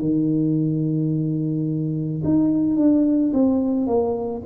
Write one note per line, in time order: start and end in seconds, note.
0.00 2.22 D#3
2.24 2.76 D#4
2.76 3.32 D4
3.33 3.86 C4
3.86 4.42 A#3